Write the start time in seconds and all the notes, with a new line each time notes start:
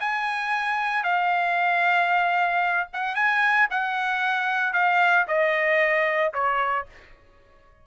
0.00 G#5
1.03 F5
2.93 F#5
3.15 G#5
3.70 F#5
4.73 F5
5.27 D#5
6.33 C#5